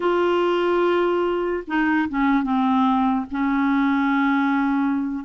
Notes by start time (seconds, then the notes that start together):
0.00 F4
1.67 D#4
2.08 C#4
2.43 C4
3.31 C#4